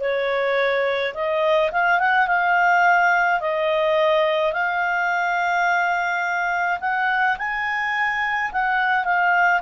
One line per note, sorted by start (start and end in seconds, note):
0.00 1.13 C#5
1.14 1.70 D#5
1.71 1.99 F5
1.99 2.27 F#5
2.27 3.40 F5
3.40 4.52 D#5
4.52 6.79 F5
6.80 7.36 F#5
7.38 8.51 G#5
8.52 9.04 F#5
9.04 9.61 F5